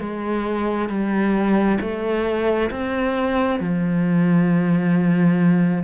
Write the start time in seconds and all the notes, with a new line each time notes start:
0.00 G#3
0.89 G3
1.81 A3
2.71 C4
3.60 F3